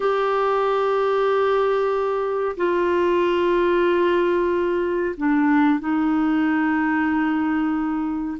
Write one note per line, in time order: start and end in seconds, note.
0.00 2.56 G4
2.57 5.15 F4
5.17 5.79 D4
5.79 8.37 D#4